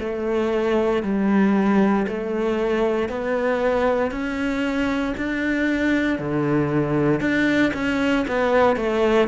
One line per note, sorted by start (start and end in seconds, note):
0.00 1.03 A3
1.03 2.06 G3
2.08 3.09 A3
3.09 4.11 B3
4.11 5.15 C#4
5.17 6.19 D4
6.19 7.20 D3
7.20 7.72 D4
7.74 8.26 C#4
8.28 8.77 B3
8.77 9.28 A3